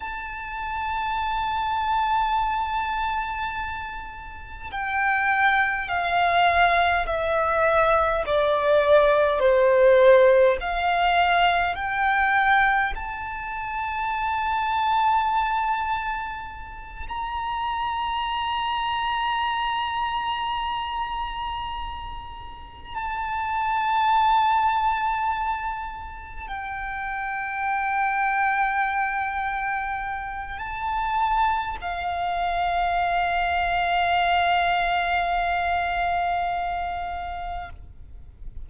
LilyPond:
\new Staff \with { instrumentName = "violin" } { \time 4/4 \tempo 4 = 51 a''1 | g''4 f''4 e''4 d''4 | c''4 f''4 g''4 a''4~ | a''2~ a''8 ais''4.~ |
ais''2.~ ais''8 a''8~ | a''2~ a''8 g''4.~ | g''2 a''4 f''4~ | f''1 | }